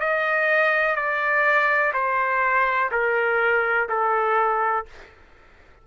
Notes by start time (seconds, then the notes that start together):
0.00 D#5
0.95 D5
1.93 C5
2.91 A#4
3.89 A4